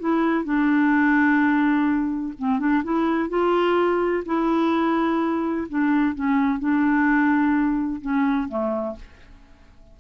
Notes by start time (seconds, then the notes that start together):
0.00 E4
0.45 D4
2.39 C4
2.60 D4
2.84 E4
3.30 F4
4.26 E4
5.69 D4
6.15 C#4
6.60 D4
8.02 C#4
8.49 A3